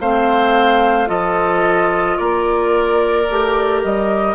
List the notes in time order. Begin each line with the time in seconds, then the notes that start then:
0.00 A3 C4 C5 F5
1.07 F3 F4 A4 D#5
2.18 A#3 A#4 D5
3.30 A3 G4
3.84 G3 D#5